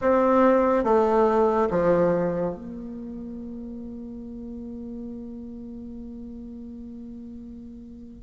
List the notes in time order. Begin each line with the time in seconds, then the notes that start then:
0.01 C4
0.84 A3
1.70 F3
2.54 A#3